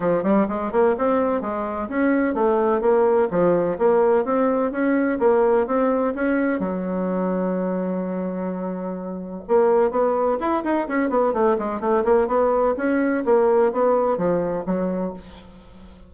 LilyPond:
\new Staff \with { instrumentName = "bassoon" } { \time 4/4 \tempo 4 = 127 f8 g8 gis8 ais8 c'4 gis4 | cis'4 a4 ais4 f4 | ais4 c'4 cis'4 ais4 | c'4 cis'4 fis2~ |
fis1 | ais4 b4 e'8 dis'8 cis'8 b8 | a8 gis8 a8 ais8 b4 cis'4 | ais4 b4 f4 fis4 | }